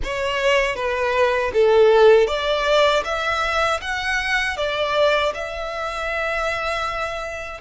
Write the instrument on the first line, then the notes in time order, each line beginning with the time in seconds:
violin
0.03 C#5
0.75 B4
1.53 A4
2.27 D5
3.04 E5
3.81 F#5
4.56 D5
5.34 E5